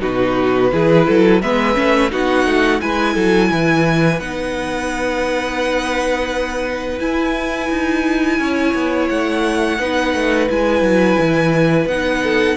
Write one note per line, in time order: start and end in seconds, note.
0.00 0.72 B2
0.00 0.70 D#4
0.00 0.71 F#4
0.00 1.42 B4
0.72 1.07 E3
0.72 1.42 E4
0.72 1.07 G#4
1.07 1.43 F#3
1.07 1.42 A4
1.42 1.77 G#3
1.42 1.74 B3
1.42 2.11 B4
1.42 2.11 E5
1.74 2.12 A3
1.74 2.09 C#4
2.11 2.46 B3
2.11 2.80 D#4
2.11 2.81 F#4
2.11 2.81 F#5
2.46 2.81 A3
2.81 3.16 G#3
2.81 4.20 E4
2.81 3.14 B4
2.81 4.20 G#5
3.14 3.51 F#3
3.14 3.49 A4
3.51 4.20 E3
3.51 8.40 B4
4.20 6.99 B3
4.20 7.00 D#4
4.20 6.99 F#5
7.00 9.79 E4
7.00 7.70 E4
7.00 9.09 G#5
7.70 8.39 D#4
8.39 8.74 C#4
8.39 9.80 C#5
8.74 9.09 B3
9.09 9.79 A3
9.09 10.49 F#5
9.79 10.14 B3
9.79 10.49 D#4
9.79 12.24 B4
10.14 10.49 A3
10.49 10.81 G#3
10.49 11.89 E4
10.49 11.88 G#5
10.81 11.16 F#3
11.20 11.86 E3
11.86 12.56 B3
11.86 12.58 D#4
11.86 12.58 F#5
12.24 12.58 A4